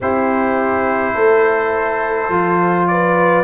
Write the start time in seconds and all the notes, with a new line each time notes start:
0.00 C4 E4 G4 C5
1.14 A3 A4
2.29 F3 F4
2.87 B4 D5